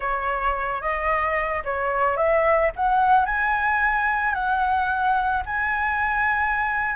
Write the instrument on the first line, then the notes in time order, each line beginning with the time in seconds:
flute
0.00 C#5
0.81 D#5
1.64 C#5
2.16 E5
2.76 F#5
3.25 G#5
4.34 F#5
5.45 G#5